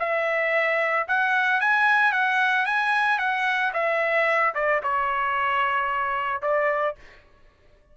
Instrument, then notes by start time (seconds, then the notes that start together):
trumpet
0.00 E5
1.08 F#5
1.61 G#5
2.13 F#5
2.66 G#5
3.19 F#5
3.74 E5
4.55 D5
4.84 C#5
6.42 D5